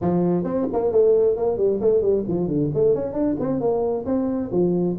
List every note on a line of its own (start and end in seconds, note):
0.01 0.44 F3
0.44 0.66 C4
0.72 0.91 A#3
0.91 1.36 A3
1.36 1.57 A#3
1.57 1.79 G3
1.80 2.01 A3
2.01 2.24 G3
2.27 2.47 F3
2.47 2.70 D3
2.73 2.94 A3
2.94 3.13 C#4
3.13 3.35 D4
3.39 3.60 C4
3.60 4.05 A#3
4.05 4.50 C4
4.51 4.96 F3